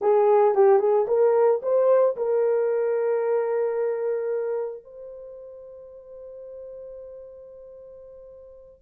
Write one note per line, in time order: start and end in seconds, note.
0.01 0.54 G#4
0.54 0.79 G4
0.79 1.06 G#4
1.07 1.61 A#4
1.62 2.16 C5
2.16 4.84 A#4
4.84 8.81 C5